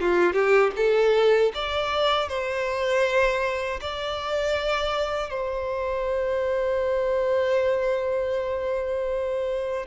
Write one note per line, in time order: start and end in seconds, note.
0.00 0.33 F4
0.33 0.71 G4
0.76 1.52 A4
1.55 2.29 D5
2.29 3.80 C5
3.81 5.30 D5
5.30 9.86 C5